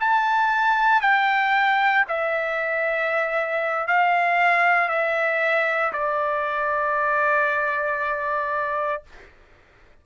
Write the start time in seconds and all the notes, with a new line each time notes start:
0.00 A5
1.02 G5
2.08 E5
3.87 F5
4.89 E5
5.93 D5